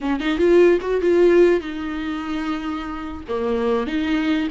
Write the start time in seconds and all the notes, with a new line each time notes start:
0.00 C#4
0.19 D#4
0.37 F4
0.81 F#4
1.01 F4
1.60 D#4
3.28 A#3
3.86 D#4